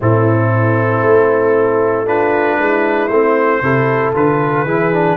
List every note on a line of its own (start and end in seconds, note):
0.00 1.01 A2
0.00 2.06 C4
0.00 2.07 E4
0.00 2.07 A4
1.01 2.56 A3
2.06 3.09 D4
2.06 2.58 F4
2.06 3.07 B4
2.57 3.09 G#3
2.57 3.62 E4
3.07 3.61 A3
3.07 3.62 C4
3.07 4.11 C5
3.61 4.13 C3
3.61 4.14 E4
3.61 4.65 A4
4.14 4.65 D3
4.14 4.66 F4
4.14 5.16 B4
4.65 5.16 E3
4.65 4.92 E4
4.65 5.16 G#4
4.92 5.16 D4